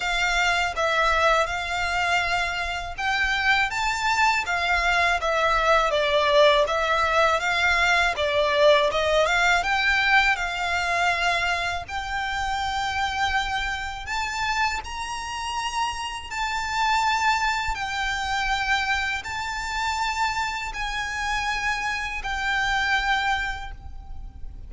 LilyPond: \new Staff \with { instrumentName = "violin" } { \time 4/4 \tempo 4 = 81 f''4 e''4 f''2 | g''4 a''4 f''4 e''4 | d''4 e''4 f''4 d''4 | dis''8 f''8 g''4 f''2 |
g''2. a''4 | ais''2 a''2 | g''2 a''2 | gis''2 g''2 | }